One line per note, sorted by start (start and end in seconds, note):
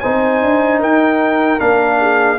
0.00 0.42 C4
0.00 1.59 D#4
0.00 0.80 C5
0.00 0.79 G#5
0.42 0.81 D4
0.80 1.60 D#4
0.80 1.98 A#4
0.80 1.60 G5
1.59 2.38 A#3
1.59 2.37 D4
1.59 2.38 F5
2.00 2.38 G#4